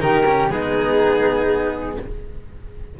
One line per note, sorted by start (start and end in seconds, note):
0.00 0.49 D#3
0.00 0.25 D#4
0.00 0.52 G4
0.00 0.49 A#4
0.26 0.50 C#4
0.49 1.97 G#3
0.49 1.98 B3
0.49 2.00 D#4
0.49 1.98 G#4